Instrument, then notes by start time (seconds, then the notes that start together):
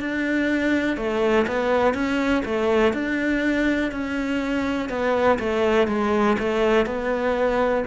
cello
0.00 D4
0.97 A3
1.47 B3
1.94 C#4
2.45 A3
2.93 D4
3.92 C#4
4.89 B3
5.39 A3
5.87 G#3
6.39 A3
6.86 B3